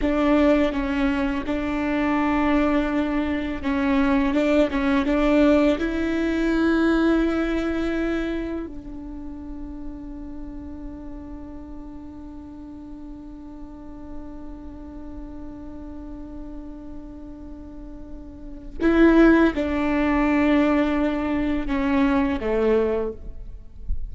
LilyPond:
\new Staff \with { instrumentName = "viola" } { \time 4/4 \tempo 4 = 83 d'4 cis'4 d'2~ | d'4 cis'4 d'8 cis'8 d'4 | e'1 | d'1~ |
d'1~ | d'1~ | d'2 e'4 d'4~ | d'2 cis'4 a4 | }